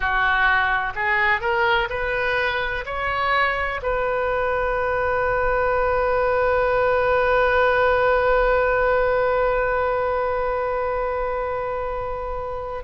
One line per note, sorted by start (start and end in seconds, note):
0.00 0.93 F#4
0.95 1.40 G#4
1.40 1.88 A#4
1.89 2.84 B4
2.85 3.81 C#5
3.82 12.83 B4